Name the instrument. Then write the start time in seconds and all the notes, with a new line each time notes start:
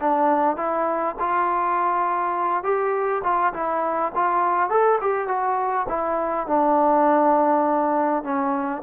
trombone
0.00 D4
0.56 E4
1.19 F4
2.63 G4
3.23 F4
3.53 E4
4.14 F4
4.69 A4
5.01 G4
5.28 F#4
5.88 E4
6.47 D4
8.23 C#4